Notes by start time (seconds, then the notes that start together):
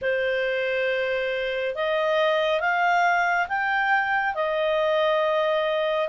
0.01 C5
1.75 D#5
2.60 F5
3.48 G5
4.34 D#5